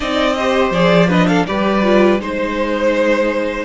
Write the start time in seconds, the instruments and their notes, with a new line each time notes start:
0.00 cello C4, viola D#4, violin D5 D#5
0.37 viola G4, violin C5
0.71 cello F3, viola G#4, violin D5
1.08 viola D4, violin B4 D#5
1.27 violin A4 F5
1.46 cello G3, viola G4, violin B4 D5
1.82 viola F4
2.19 cello G#3, viola D#4, violin C5